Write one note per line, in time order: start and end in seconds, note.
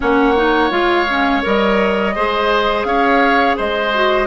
0.00 0.71 A#3
0.00 0.35 C#4
0.00 2.15 C#5
0.00 0.71 F#5
0.35 0.70 D#4
0.70 1.42 G#3
0.70 1.06 F4
0.70 1.42 F5
1.09 1.42 C#4
1.42 2.16 G3
1.42 2.13 A#4
1.42 2.84 D#5
2.15 2.84 G#3
2.15 3.94 G#4
2.15 2.86 C5
2.84 3.56 C#4
2.84 3.56 C#5
2.84 3.55 F5
3.56 4.27 G#3
3.56 4.27 C5
3.56 4.27 D#5
3.94 4.27 F#4